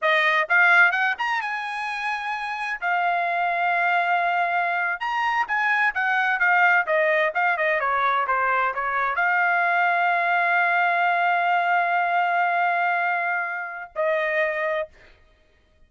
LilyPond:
\new Staff \with { instrumentName = "trumpet" } { \time 4/4 \tempo 4 = 129 dis''4 f''4 fis''8 ais''8 gis''4~ | gis''2 f''2~ | f''2~ f''8. ais''4 gis''16~ | gis''8. fis''4 f''4 dis''4 f''16~ |
f''16 dis''8 cis''4 c''4 cis''4 f''16~ | f''1~ | f''1~ | f''2 dis''2 | }